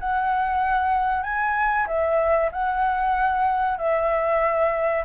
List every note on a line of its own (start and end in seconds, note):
0.00 1.23 F#5
1.23 1.86 G#5
1.87 2.50 E5
2.52 3.78 F#5
3.78 5.04 E5